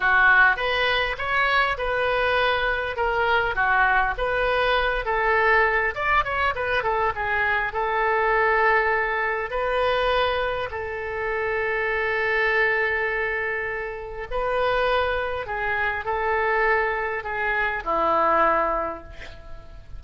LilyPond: \new Staff \with { instrumentName = "oboe" } { \time 4/4 \tempo 4 = 101 fis'4 b'4 cis''4 b'4~ | b'4 ais'4 fis'4 b'4~ | b'8 a'4. d''8 cis''8 b'8 a'8 | gis'4 a'2. |
b'2 a'2~ | a'1 | b'2 gis'4 a'4~ | a'4 gis'4 e'2 | }